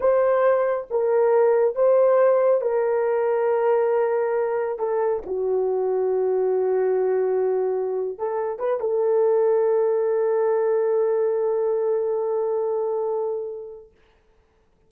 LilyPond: \new Staff \with { instrumentName = "horn" } { \time 4/4 \tempo 4 = 138 c''2 ais'2 | c''2 ais'2~ | ais'2. a'4 | fis'1~ |
fis'2~ fis'8. a'4 b'16~ | b'16 a'2.~ a'8.~ | a'1~ | a'1 | }